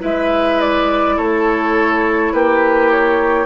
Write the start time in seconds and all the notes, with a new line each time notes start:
0.00 G#3 E4 B4 E5
0.61 D5
1.17 A3 A4 C#5
2.33 A#3 G4 B4
2.91 C#5